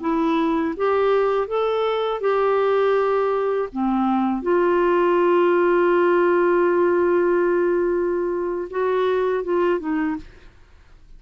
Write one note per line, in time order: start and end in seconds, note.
0.00 0.74 E4
0.76 1.47 G4
1.47 2.20 A4
2.20 3.68 G4
3.72 4.42 C4
4.42 8.68 F4
8.70 9.43 F#4
9.43 9.79 F4
9.79 10.16 D#4